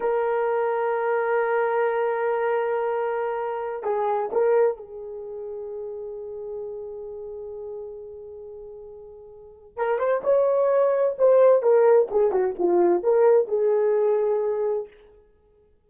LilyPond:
\new Staff \with { instrumentName = "horn" } { \time 4/4 \tempo 4 = 129 ais'1~ | ais'1~ | ais'16 gis'4 ais'4 gis'4.~ gis'16~ | gis'1~ |
gis'1~ | gis'4 ais'8 c''8 cis''2 | c''4 ais'4 gis'8 fis'8 f'4 | ais'4 gis'2. | }